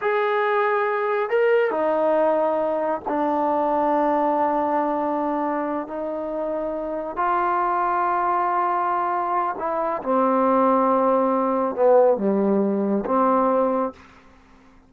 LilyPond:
\new Staff \with { instrumentName = "trombone" } { \time 4/4 \tempo 4 = 138 gis'2. ais'4 | dis'2. d'4~ | d'1~ | d'4. dis'2~ dis'8~ |
dis'8 f'2.~ f'8~ | f'2 e'4 c'4~ | c'2. b4 | g2 c'2 | }